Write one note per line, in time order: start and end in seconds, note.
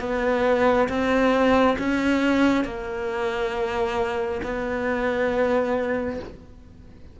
0.00 0.88 B3
0.89 1.77 C4
1.78 2.64 C#4
2.64 4.41 A#3
4.43 6.19 B3